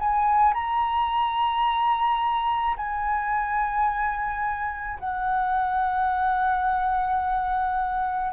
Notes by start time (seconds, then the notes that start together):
0.00 G#5
0.54 A#5
2.77 G#5
4.99 F#5